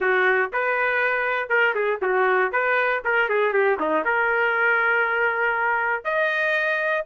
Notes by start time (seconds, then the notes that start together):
0.00 F#4
0.52 B4
1.49 A#4
1.74 G#4
2.01 F#4
2.52 B4
3.04 A#4
3.29 G#4
3.53 G4
3.79 D#4
4.04 A#4
6.04 D#5